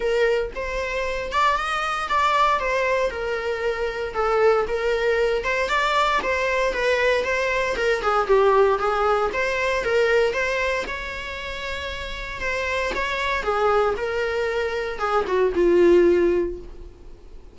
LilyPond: \new Staff \with { instrumentName = "viola" } { \time 4/4 \tempo 4 = 116 ais'4 c''4. d''8 dis''4 | d''4 c''4 ais'2 | a'4 ais'4. c''8 d''4 | c''4 b'4 c''4 ais'8 gis'8 |
g'4 gis'4 c''4 ais'4 | c''4 cis''2. | c''4 cis''4 gis'4 ais'4~ | ais'4 gis'8 fis'8 f'2 | }